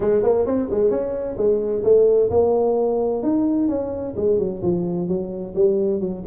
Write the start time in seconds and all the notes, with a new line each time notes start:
0.00 G#3
0.22 A#3
0.46 C4
0.70 G#3
0.90 C#4
1.37 G#3
1.83 A3
2.30 A#3
3.22 D#4
3.68 C#4
4.16 G#3
4.38 F#3
4.62 F3
5.08 F#3
5.55 G3
6.00 F#3